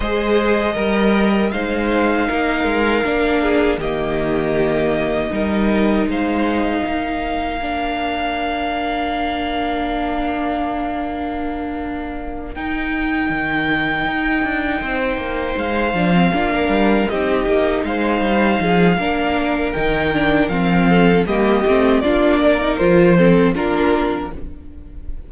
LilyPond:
<<
  \new Staff \with { instrumentName = "violin" } { \time 4/4 \tempo 4 = 79 dis''2 f''2~ | f''4 dis''2. | f''1~ | f''1~ |
f''8 g''2.~ g''8~ | g''8 f''2 dis''4 f''8~ | f''2 g''4 f''4 | dis''4 d''4 c''4 ais'4 | }
  \new Staff \with { instrumentName = "violin" } { \time 4/4 c''4 ais'4 c''4 ais'4~ | ais'8 gis'8 g'2 ais'4 | c''4 ais'2.~ | ais'1~ |
ais'2.~ ais'8 c''8~ | c''4. f'16 ais'8. g'4 c''8~ | c''8 gis'8 ais'2~ ais'8 a'8 | g'4 f'8 ais'4 a'8 f'4 | }
  \new Staff \with { instrumentName = "viola" } { \time 4/4 gis'4 ais'4 dis'2 | d'4 ais2 dis'4~ | dis'2 d'2~ | d'1~ |
d'8 dis'2.~ dis'8~ | dis'4 d'16 c'16 d'4 dis'4.~ | dis'4 d'4 dis'8 d'8 c'4 | ais8 c'8 d'8. dis'16 f'8 c'8 d'4 | }
  \new Staff \with { instrumentName = "cello" } { \time 4/4 gis4 g4 gis4 ais8 gis8 | ais4 dis2 g4 | gis4 ais2.~ | ais1~ |
ais8 dis'4 dis4 dis'8 d'8 c'8 | ais8 gis8 f8 ais8 g8 c'8 ais8 gis8 | g8 f8 ais4 dis4 f4 | g8 a8 ais4 f4 ais4 | }
>>